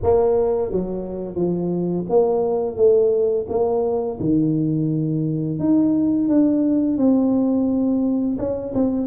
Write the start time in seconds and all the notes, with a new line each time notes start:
0.02 A#3
0.71 F#3
1.35 F3
2.09 A#3
2.76 A3
3.49 A#3
4.20 D#3
5.59 D#4
6.28 D4
6.97 C4
8.38 C#4
8.74 C4